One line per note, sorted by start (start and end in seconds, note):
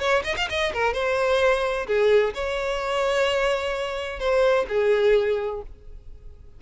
0.00 0.23 C#5
0.24 0.36 D#5
0.37 0.48 F5
0.49 0.73 D#5
0.73 0.94 A#4
0.94 1.87 C5
1.87 2.34 G#4
2.34 4.19 C#5
4.19 4.66 C5
4.69 5.62 G#4